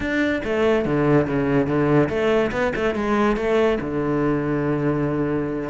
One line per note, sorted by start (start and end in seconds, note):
0.00 0.41 D4
0.43 0.85 A3
0.85 1.27 D3
1.27 1.66 C#3
1.66 2.08 D3
2.09 2.51 A3
2.51 2.72 B3
2.75 2.95 A3
2.95 3.36 G#3
3.36 3.78 A3
3.80 5.69 D3